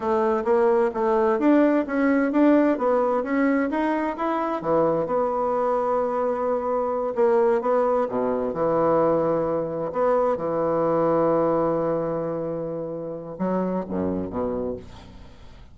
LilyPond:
\new Staff \with { instrumentName = "bassoon" } { \time 4/4 \tempo 4 = 130 a4 ais4 a4 d'4 | cis'4 d'4 b4 cis'4 | dis'4 e'4 e4 b4~ | b2.~ b8 ais8~ |
ais8 b4 b,4 e4.~ | e4. b4 e4.~ | e1~ | e4 fis4 fis,4 b,4 | }